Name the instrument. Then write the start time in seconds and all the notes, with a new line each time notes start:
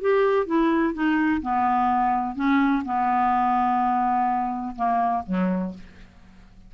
clarinet
0.00 G4
0.46 E4
0.93 D#4
1.41 B3
2.35 C#4
2.84 B3
4.76 A#3
5.26 F#3